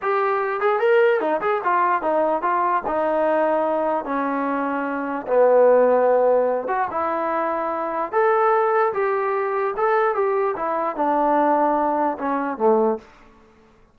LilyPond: \new Staff \with { instrumentName = "trombone" } { \time 4/4 \tempo 4 = 148 g'4. gis'8 ais'4 dis'8 gis'8 | f'4 dis'4 f'4 dis'4~ | dis'2 cis'2~ | cis'4 b2.~ |
b8 fis'8 e'2. | a'2 g'2 | a'4 g'4 e'4 d'4~ | d'2 cis'4 a4 | }